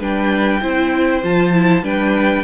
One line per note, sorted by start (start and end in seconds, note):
0.00 0.62 G3
0.00 0.62 D4
0.00 0.61 B4
0.00 1.25 G5
0.62 1.24 C4
0.62 1.23 E4
0.62 1.84 C5
1.24 1.83 F3
1.24 1.54 F4
1.24 1.85 A5
1.54 1.84 E4
1.83 2.44 G3
1.83 2.45 D4
1.83 2.45 B4
1.83 2.45 G5